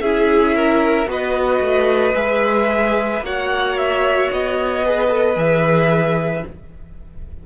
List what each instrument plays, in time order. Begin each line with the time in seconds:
0.00 cello C#4, viola E4, violin G#4 E5
0.55 violin A#4
1.06 cello B3, viola F#4, violin B4 D#5
1.60 cello A3
2.15 cello G#3, viola G#4, violin E5
3.21 cello A#3, viola F#4, violin C#5 F#5
3.77 violin E5
4.31 cello B3, violin D#5
4.84 viola G#4, violin B4
5.08 viola A4
5.36 cello E3, viola G#4, violin E5